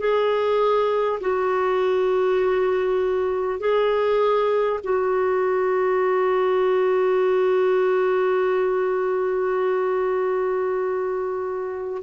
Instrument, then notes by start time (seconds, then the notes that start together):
clarinet
0.00 G#4
1.21 F#4
3.60 G#4
4.84 F#4